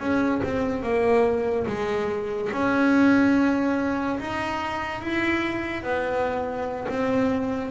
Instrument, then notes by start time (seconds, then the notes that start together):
double bass
0.00 C#4
0.44 C4
0.83 A#3
1.67 G#3
2.53 C#4
4.20 D#4
5.02 E4
5.84 B3
6.89 C4